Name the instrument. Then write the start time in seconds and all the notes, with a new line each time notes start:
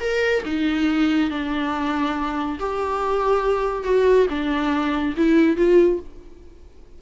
viola
0.00 A#4
0.45 D#4
1.30 D4
2.59 G4
3.84 F#4
4.29 D4
5.16 E4
5.57 F4